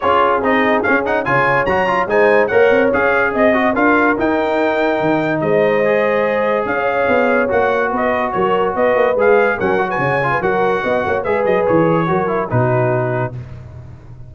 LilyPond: <<
  \new Staff \with { instrumentName = "trumpet" } { \time 4/4 \tempo 4 = 144 cis''4 dis''4 f''8 fis''8 gis''4 | ais''4 gis''4 fis''4 f''4 | dis''4 f''4 g''2~ | g''4 dis''2. |
f''2 fis''4 dis''4 | cis''4 dis''4 f''4 fis''8. gis''16~ | gis''4 fis''2 e''8 dis''8 | cis''2 b'2 | }
  \new Staff \with { instrumentName = "horn" } { \time 4/4 gis'2. cis''4~ | cis''4 c''4 cis''2 | dis''4 ais'2.~ | ais'4 c''2. |
cis''2. b'4 | ais'4 b'2 ais'8. b'16 | cis''8. b'16 ais'4 dis''8 cis''8 b'4~ | b'4 ais'4 fis'2 | }
  \new Staff \with { instrumentName = "trombone" } { \time 4/4 f'4 dis'4 cis'8 dis'8 f'4 | fis'8 f'8 dis'4 ais'4 gis'4~ | gis'8 fis'8 f'4 dis'2~ | dis'2 gis'2~ |
gis'2 fis'2~ | fis'2 gis'4 cis'8 fis'8~ | fis'8 f'8 fis'2 gis'4~ | gis'4 fis'8 e'8 dis'2 | }
  \new Staff \with { instrumentName = "tuba" } { \time 4/4 cis'4 c'4 cis'4 cis4 | fis4 gis4 ais8 c'8 cis'4 | c'4 d'4 dis'2 | dis4 gis2. |
cis'4 b4 ais4 b4 | fis4 b8 ais8 gis4 fis4 | cis4 fis4 b8 ais8 gis8 fis8 | e4 fis4 b,2 | }
>>